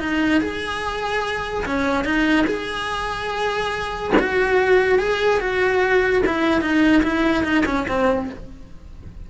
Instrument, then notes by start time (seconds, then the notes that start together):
cello
0.00 D#4
0.41 G#4
1.66 C#4
2.05 D#4
2.47 G#4
4.20 F#4
4.99 G#4
5.41 F#4
6.27 E4
6.62 D#4
7.03 E4
7.44 D#4
7.66 C#4
7.89 C4